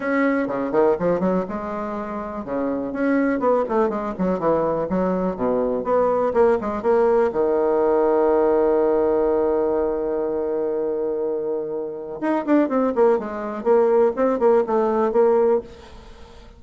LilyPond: \new Staff \with { instrumentName = "bassoon" } { \time 4/4 \tempo 4 = 123 cis'4 cis8 dis8 f8 fis8 gis4~ | gis4 cis4 cis'4 b8 a8 | gis8 fis8 e4 fis4 b,4 | b4 ais8 gis8 ais4 dis4~ |
dis1~ | dis1~ | dis4 dis'8 d'8 c'8 ais8 gis4 | ais4 c'8 ais8 a4 ais4 | }